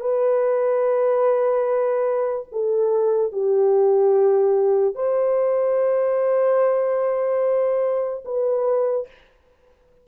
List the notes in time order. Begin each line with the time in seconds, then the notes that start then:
0.00 B4
2.52 A4
3.33 G4
4.95 C5
8.25 B4